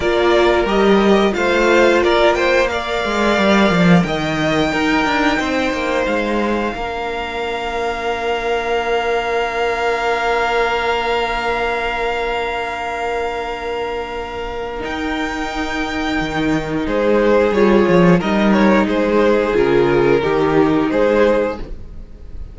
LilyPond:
<<
  \new Staff \with { instrumentName = "violin" } { \time 4/4 \tempo 4 = 89 d''4 dis''4 f''4 d''8 g''8 | f''2 g''2~ | g''4 f''2.~ | f''1~ |
f''1~ | f''2 g''2~ | g''4 c''4 cis''4 dis''8 cis''8 | c''4 ais'2 c''4 | }
  \new Staff \with { instrumentName = "violin" } { \time 4/4 ais'2 c''4 ais'8 c''8 | d''2 dis''4 ais'4 | c''2 ais'2~ | ais'1~ |
ais'1~ | ais'1~ | ais'4 gis'2 ais'4 | gis'2 g'4 gis'4 | }
  \new Staff \with { instrumentName = "viola" } { \time 4/4 f'4 g'4 f'2 | ais'2. dis'4~ | dis'2 d'2~ | d'1~ |
d'1~ | d'2 dis'2~ | dis'2 f'4 dis'4~ | dis'4 f'4 dis'2 | }
  \new Staff \with { instrumentName = "cello" } { \time 4/4 ais4 g4 a4 ais4~ | ais8 gis8 g8 f8 dis4 dis'8 d'8 | c'8 ais8 gis4 ais2~ | ais1~ |
ais1~ | ais2 dis'2 | dis4 gis4 g8 f8 g4 | gis4 cis4 dis4 gis4 | }
>>